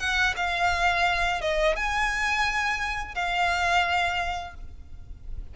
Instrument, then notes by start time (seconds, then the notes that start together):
violin
0.00 F#5
0.37 F5
1.42 D#5
1.76 G#5
3.15 F5